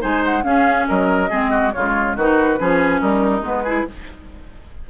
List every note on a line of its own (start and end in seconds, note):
0.00 0.44 G#3
0.00 0.43 D#4
0.00 0.44 C5
0.00 0.24 G#5
0.25 0.44 F#5
0.43 1.29 C#4
0.43 0.87 C#4
0.43 0.88 G#4
0.43 0.86 F5
0.88 1.31 F#3
0.88 1.30 A#4
0.88 1.72 D#5
1.30 1.74 G#3
1.30 1.73 C4
1.30 1.51 G#4
1.51 1.72 F#4
1.72 2.16 C#3
1.72 2.19 G#3
1.72 2.16 F4
1.72 2.15 C#5
2.16 2.59 D#3
2.16 2.59 D#4
2.16 2.59 F#4
2.16 3.01 B4
2.59 3.02 F3
2.59 3.43 C#4
2.59 3.01 G#4
3.01 3.41 G3
3.01 3.64 D#4
3.01 3.44 A#4
3.41 3.84 G#3
3.41 3.64 B3
3.41 3.90 B4
3.64 3.87 E4
3.64 3.85 G#4